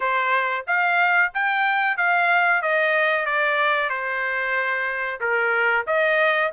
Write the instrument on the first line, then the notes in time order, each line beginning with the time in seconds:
trumpet
0.00 C5
0.67 F5
1.33 G5
1.97 F5
2.62 D#5
3.25 D5
3.89 C5
5.20 A#4
5.87 D#5